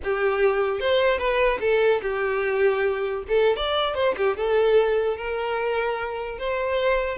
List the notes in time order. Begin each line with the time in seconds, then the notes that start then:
0.03 G4
0.80 C5
1.18 B4
1.60 A4
2.01 G4
3.28 A4
3.56 D5
3.94 C5
4.17 G4
4.36 A4
5.17 A#4
6.38 C5